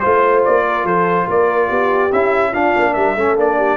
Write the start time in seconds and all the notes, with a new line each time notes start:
0.00 A3 F4 C5
0.45 A#3 D5
0.66 A#4
0.85 F3 A4 C5
1.28 A#3 A#4 D5
1.69 B3 G4
2.13 C#4 E4 E5
2.50 D4 F4 F5
2.77 A#3
2.94 G3 A#4 E5
3.16 A3 C#4 A4
3.37 A#3 D4 D5
3.58 G4